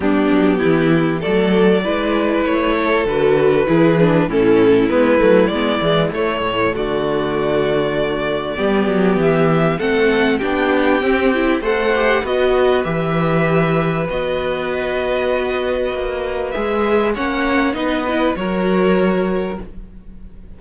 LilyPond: <<
  \new Staff \with { instrumentName = "violin" } { \time 4/4 \tempo 4 = 98 g'2 d''2 | cis''4 b'2 a'4 | b'4 d''4 cis''4 d''4~ | d''2. e''4 |
fis''4 g''2 fis''4 | dis''4 e''2 dis''4~ | dis''2. e''4 | fis''4 dis''4 cis''2 | }
  \new Staff \with { instrumentName = "violin" } { \time 4/4 d'4 e'4 a'4 b'4~ | b'8 a'4. gis'4 e'4~ | e'2. fis'4~ | fis'2 g'2 |
a'4 g'2 c''4 | b'1~ | b'1 | cis''4 b'4 ais'2 | }
  \new Staff \with { instrumentName = "viola" } { \time 4/4 b2 a4 e'4~ | e'4 fis'4 e'8 d'8 cis'4 | b8 a8 b8 gis8 a2~ | a2 b2 |
c'4 d'4 c'8 e'8 a'8 g'8 | fis'4 g'2 fis'4~ | fis'2. gis'4 | cis'4 dis'8 e'8 fis'2 | }
  \new Staff \with { instrumentName = "cello" } { \time 4/4 g8 fis8 e4 fis4 gis4 | a4 d4 e4 a,4 | gis8 fis8 gis8 e8 a8 a,8 d4~ | d2 g8 fis8 e4 |
a4 b4 c'4 a4 | b4 e2 b4~ | b2 ais4 gis4 | ais4 b4 fis2 | }
>>